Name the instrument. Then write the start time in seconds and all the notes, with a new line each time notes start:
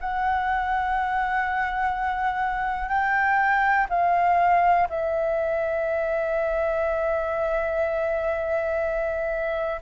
flute
0.00 F#5
2.88 G5
3.89 F5
4.89 E5